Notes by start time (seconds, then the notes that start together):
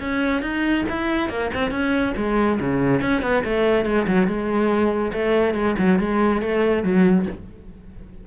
0.00 C#4
0.42 D#4
0.89 E4
1.29 A#3
1.54 C4
1.71 C#4
2.17 G#3
2.60 C#3
3.01 C#4
3.22 B3
3.44 A3
3.85 G#3
4.07 F#3
4.27 G#3
5.13 A3
5.54 G#3
5.78 F#3
5.99 G#3
6.41 A3
6.83 F#3